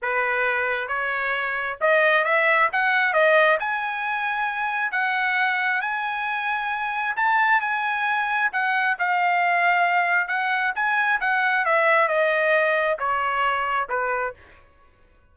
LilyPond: \new Staff \with { instrumentName = "trumpet" } { \time 4/4 \tempo 4 = 134 b'2 cis''2 | dis''4 e''4 fis''4 dis''4 | gis''2. fis''4~ | fis''4 gis''2. |
a''4 gis''2 fis''4 | f''2. fis''4 | gis''4 fis''4 e''4 dis''4~ | dis''4 cis''2 b'4 | }